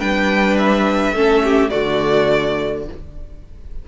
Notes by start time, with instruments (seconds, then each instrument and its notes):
0.00 cello G3, viola D4, violin B4 G5
0.58 violin E5
1.12 cello A3, viola C#4, violin A4
1.43 violin G4
1.70 cello D3, viola A3, violin F#4 D5